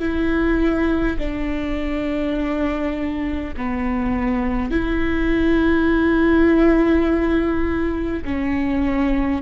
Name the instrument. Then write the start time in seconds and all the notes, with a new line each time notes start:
viola
0.00 E4
1.19 D4
3.57 B3
4.71 E4
8.25 C#4